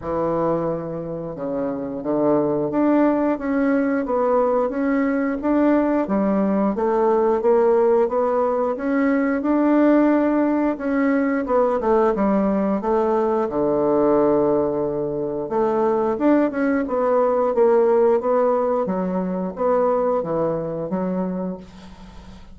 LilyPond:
\new Staff \with { instrumentName = "bassoon" } { \time 4/4 \tempo 4 = 89 e2 cis4 d4 | d'4 cis'4 b4 cis'4 | d'4 g4 a4 ais4 | b4 cis'4 d'2 |
cis'4 b8 a8 g4 a4 | d2. a4 | d'8 cis'8 b4 ais4 b4 | fis4 b4 e4 fis4 | }